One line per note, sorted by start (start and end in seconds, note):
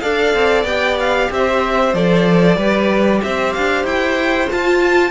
0.00 0.35 D4
0.00 0.65 A4
0.00 1.30 D5
0.00 0.64 F5
0.35 0.64 C4
0.64 1.28 B3
0.64 1.93 G4
0.64 0.97 G5
1.00 1.32 F5
1.31 1.94 C4
1.31 2.57 C5
1.31 1.94 E5
1.94 2.57 F3
1.94 2.57 A4
1.94 3.22 D5
2.57 3.21 G3
2.57 4.48 G4
2.57 3.21 B4
3.23 3.56 C4
3.23 5.11 C5
3.23 3.53 E5
3.53 3.84 D4
3.53 3.85 F5
3.84 4.48 E4
3.84 4.50 G5
4.50 5.11 F4
4.50 5.11 A5